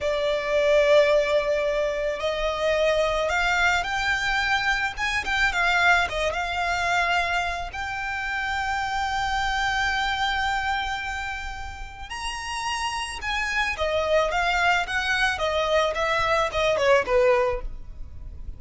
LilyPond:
\new Staff \with { instrumentName = "violin" } { \time 4/4 \tempo 4 = 109 d''1 | dis''2 f''4 g''4~ | g''4 gis''8 g''8 f''4 dis''8 f''8~ | f''2 g''2~ |
g''1~ | g''2 ais''2 | gis''4 dis''4 f''4 fis''4 | dis''4 e''4 dis''8 cis''8 b'4 | }